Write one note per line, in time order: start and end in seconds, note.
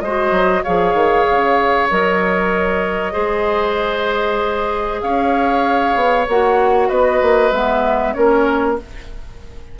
0.00 0.31 G#3
0.00 0.65 F#4
0.00 0.63 C5
0.00 0.62 D#5
0.31 0.62 F#3
0.63 0.93 F3
0.63 1.89 G#4
0.63 3.12 C#5
0.63 1.88 F5
0.93 1.24 D#3
1.30 1.90 C#3
1.89 3.15 F#3
1.89 3.11 A#4
1.89 5.01 D#5
3.11 5.02 G#3
3.11 6.24 G#4
3.11 5.00 C5
5.01 5.95 C#4
5.01 6.88 C#5
5.01 6.26 F5
5.95 6.26 B3
6.27 6.89 A#3
6.27 7.52 F#4
6.27 6.89 F#5
6.88 7.20 B3
6.88 8.13 B4
6.88 7.51 D#5
7.21 7.51 A#3
7.51 8.14 G#3
7.51 8.14 B3
7.51 8.13 E5
8.13 8.79 A#3
8.13 8.76 C#4
8.13 8.78 A#4
8.13 8.75 C#5